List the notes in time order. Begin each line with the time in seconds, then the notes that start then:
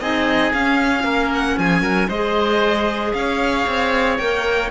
0.00 C4 D#4 G#4 D#5
0.53 C#4 F5
1.03 A#3 A#4
1.34 F#5
1.58 F3 G#4 G#5
1.81 F#3 A#4
2.08 G#3 G#4 C5 D#5
3.13 C#4 C#5 F5
3.67 C4
4.17 A#3 A#4 G5